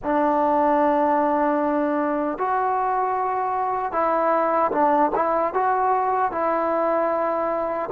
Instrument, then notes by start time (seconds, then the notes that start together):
trombone
0.03 D4
2.38 F#4
3.92 E4
4.72 D4
5.15 E4
5.53 F#4
6.31 E4